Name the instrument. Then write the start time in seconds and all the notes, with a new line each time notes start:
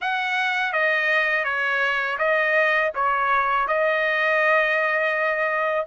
trumpet
0.01 F#5
0.73 D#5
1.44 C#5
2.18 D#5
2.94 C#5
3.68 D#5